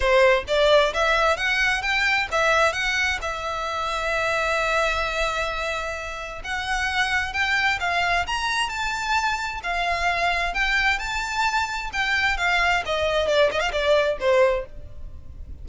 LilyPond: \new Staff \with { instrumentName = "violin" } { \time 4/4 \tempo 4 = 131 c''4 d''4 e''4 fis''4 | g''4 e''4 fis''4 e''4~ | e''1~ | e''2 fis''2 |
g''4 f''4 ais''4 a''4~ | a''4 f''2 g''4 | a''2 g''4 f''4 | dis''4 d''8 dis''16 f''16 d''4 c''4 | }